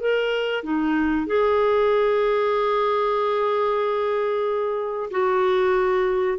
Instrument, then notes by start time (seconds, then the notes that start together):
clarinet
0.00 A#4
0.63 D#4
1.26 G#4
5.10 F#4